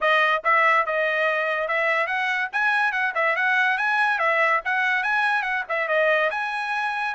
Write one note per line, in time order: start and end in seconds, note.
0.00 0.42 D#5
0.44 0.86 E5
0.86 1.67 D#5
1.67 2.07 E5
2.07 2.49 F#5
2.52 2.92 G#5
2.92 3.13 F#5
3.14 3.35 E5
3.35 3.77 F#5
3.77 4.18 G#5
4.18 4.60 E5
4.64 5.03 F#5
5.03 5.42 G#5
5.42 5.63 F#5
5.68 5.88 E5
5.88 6.30 D#5
6.30 7.14 G#5